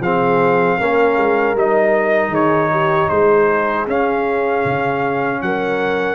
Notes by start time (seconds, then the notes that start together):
0.00 F3 C4 G#4 F5
0.78 A#3 C#4 A#4
1.17 G#3
1.55 G3 D#4 D#5
2.29 D#3 G#4 C#5
2.72 G4
3.09 G#3 G#4 C5
3.87 C#4 F5
4.65 C#3
5.42 F#3 A#4 F#5